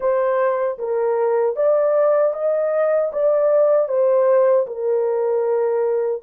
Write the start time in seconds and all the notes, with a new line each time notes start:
0.00 C5
0.78 A#4
1.56 D5
2.33 D#5
3.12 D5
3.88 C5
4.66 A#4